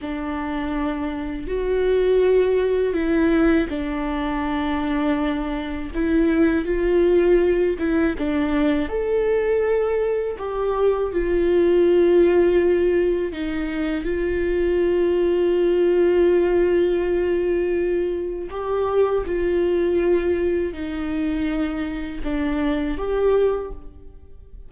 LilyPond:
\new Staff \with { instrumentName = "viola" } { \time 4/4 \tempo 4 = 81 d'2 fis'2 | e'4 d'2. | e'4 f'4. e'8 d'4 | a'2 g'4 f'4~ |
f'2 dis'4 f'4~ | f'1~ | f'4 g'4 f'2 | dis'2 d'4 g'4 | }